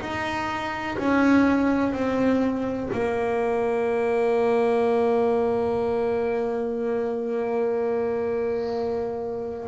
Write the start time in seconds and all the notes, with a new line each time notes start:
0.00 D#4
0.98 C#4
1.92 C4
2.93 A#3